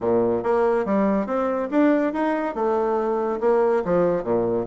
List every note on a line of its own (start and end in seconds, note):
0.00 0.43 A#2
0.43 0.85 A#3
0.85 1.26 G3
1.26 1.68 C4
1.71 2.13 D4
2.13 2.54 D#4
2.54 3.39 A3
3.40 3.83 A#3
3.84 4.23 F3
4.23 4.66 A#2